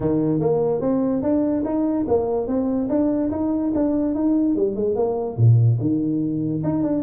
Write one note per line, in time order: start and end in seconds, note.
0.00 0.40 D#3
0.40 0.81 A#3
0.81 1.22 C4
1.22 1.63 D4
1.64 2.06 D#4
2.08 2.47 A#3
2.47 2.88 C4
2.89 3.30 D4
3.31 3.72 D#4
3.74 4.14 D4
4.14 4.55 D#4
4.55 4.75 G3
4.75 4.95 G#3
4.95 5.36 A#3
5.36 5.78 A#2
5.80 6.63 D#3
6.63 6.82 D#4
6.82 7.03 D4